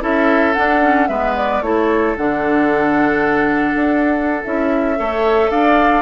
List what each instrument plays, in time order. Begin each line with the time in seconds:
0.00 bassoon C#4, clarinet E4, oboe A4, flute E5
0.53 clarinet D4, bassoon D4, flute F#5
0.81 clarinet C#4
1.07 bassoon G#3, clarinet B3, oboe B4, flute E5
1.36 flute D5
1.61 bassoon A3, clarinet E4, oboe A4, flute C#5
2.17 bassoon D3, clarinet D4, flute F#5
3.75 bassoon D4
4.44 bassoon C#4, clarinet E4, flute E5
4.96 bassoon A3, clarinet A4, oboe C#5
5.50 bassoon D4, oboe D5, flute F5